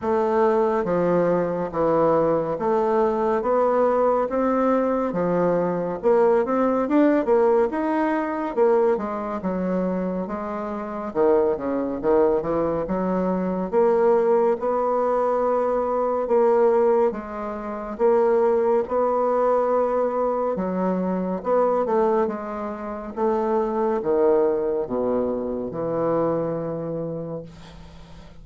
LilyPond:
\new Staff \with { instrumentName = "bassoon" } { \time 4/4 \tempo 4 = 70 a4 f4 e4 a4 | b4 c'4 f4 ais8 c'8 | d'8 ais8 dis'4 ais8 gis8 fis4 | gis4 dis8 cis8 dis8 e8 fis4 |
ais4 b2 ais4 | gis4 ais4 b2 | fis4 b8 a8 gis4 a4 | dis4 b,4 e2 | }